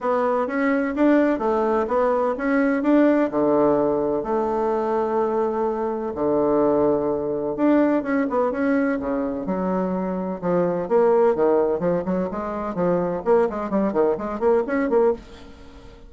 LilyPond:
\new Staff \with { instrumentName = "bassoon" } { \time 4/4 \tempo 4 = 127 b4 cis'4 d'4 a4 | b4 cis'4 d'4 d4~ | d4 a2.~ | a4 d2. |
d'4 cis'8 b8 cis'4 cis4 | fis2 f4 ais4 | dis4 f8 fis8 gis4 f4 | ais8 gis8 g8 dis8 gis8 ais8 cis'8 ais8 | }